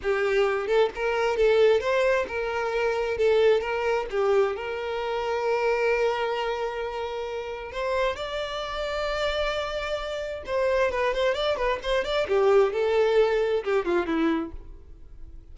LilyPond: \new Staff \with { instrumentName = "violin" } { \time 4/4 \tempo 4 = 132 g'4. a'8 ais'4 a'4 | c''4 ais'2 a'4 | ais'4 g'4 ais'2~ | ais'1~ |
ais'4 c''4 d''2~ | d''2. c''4 | b'8 c''8 d''8 b'8 c''8 d''8 g'4 | a'2 g'8 f'8 e'4 | }